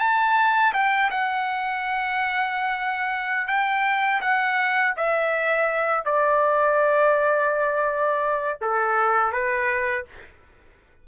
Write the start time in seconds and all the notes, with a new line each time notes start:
0.00 A5
0.74 G5
1.11 F#5
3.48 G5
4.21 F#5
4.97 E5
6.05 D5
8.61 A4
9.32 B4